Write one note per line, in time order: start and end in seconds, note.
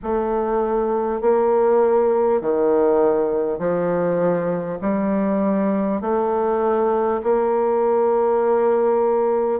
0.03 1.21 A3
1.21 2.41 A#3
2.41 3.58 D#3
3.58 4.78 F3
4.81 6.01 G3
6.01 7.21 A3
7.23 9.59 A#3